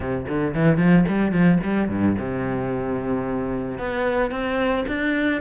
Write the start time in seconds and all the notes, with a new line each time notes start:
0.00 C3
0.27 D3
0.54 E3
0.77 F3
1.08 G3
1.31 F3
1.63 G3
1.88 G2
2.18 C3
3.78 B3
4.31 C4
4.87 D4